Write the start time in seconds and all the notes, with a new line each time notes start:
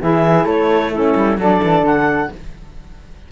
0.00 E3 E4 G#4 E5
0.45 A3 A4 C#5
0.92 C#4 E4 A4
1.15 G3
1.37 F#3 D4 A4 D5
1.63 E3
1.82 D3 F#5